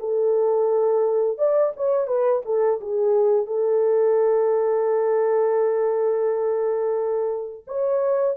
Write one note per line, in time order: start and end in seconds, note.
0.00 1.38 A4
1.38 1.73 D5
1.77 2.07 C#5
2.07 2.42 B4
2.45 2.80 A4
2.81 3.47 G#4
3.47 7.65 A4
7.67 8.37 C#5